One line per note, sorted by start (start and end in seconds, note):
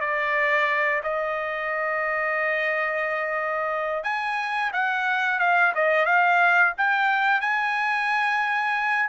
0.00 1.01 D5
1.03 4.04 D#5
4.04 4.71 G#5
4.73 5.39 F#5
5.39 5.72 F5
5.75 6.06 D#5
6.06 6.73 F5
6.77 7.41 G5
7.41 9.09 G#5